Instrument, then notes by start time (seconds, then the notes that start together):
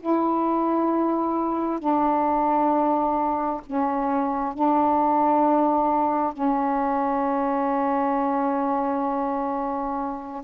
saxophone
0.00 E4
1.80 D4
3.67 C#4
4.54 D4
6.33 C#4